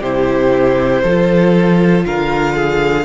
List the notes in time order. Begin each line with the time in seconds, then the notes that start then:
0.00 C3 E4 G4 C5
1.03 F3 F4 A4
2.06 D3 A#4 F5
2.55 G#4